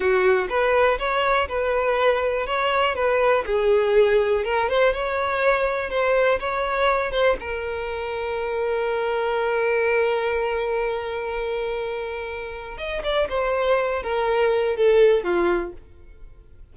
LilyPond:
\new Staff \with { instrumentName = "violin" } { \time 4/4 \tempo 4 = 122 fis'4 b'4 cis''4 b'4~ | b'4 cis''4 b'4 gis'4~ | gis'4 ais'8 c''8 cis''2 | c''4 cis''4. c''8 ais'4~ |
ais'1~ | ais'1~ | ais'2 dis''8 d''8 c''4~ | c''8 ais'4. a'4 f'4 | }